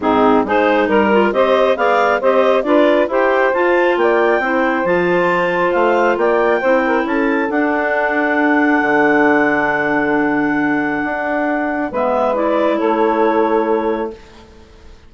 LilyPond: <<
  \new Staff \with { instrumentName = "clarinet" } { \time 4/4 \tempo 4 = 136 gis'4 c''4 ais'4 dis''4 | f''4 dis''4 d''4 g''4 | a''4 g''2 a''4~ | a''4 f''4 g''2 |
a''4 fis''2.~ | fis''1~ | fis''2. e''4 | d''4 cis''2. | }
  \new Staff \with { instrumentName = "saxophone" } { \time 4/4 dis'4 gis'4 ais'4 c''4 | d''4 c''4 b'4 c''4~ | c''4 d''4 c''2~ | c''2 d''4 c''8 ais'8 |
a'1~ | a'1~ | a'2. b'4~ | b'4 a'2. | }
  \new Staff \with { instrumentName = "clarinet" } { \time 4/4 c'4 dis'4. f'8 g'4 | gis'4 g'4 f'4 g'4 | f'2 e'4 f'4~ | f'2. e'4~ |
e'4 d'2.~ | d'1~ | d'2. b4 | e'1 | }
  \new Staff \with { instrumentName = "bassoon" } { \time 4/4 gis,4 gis4 g4 c'4 | b4 c'4 d'4 e'4 | f'4 ais4 c'4 f4~ | f4 a4 ais4 c'4 |
cis'4 d'2. | d1~ | d4 d'2 gis4~ | gis4 a2. | }
>>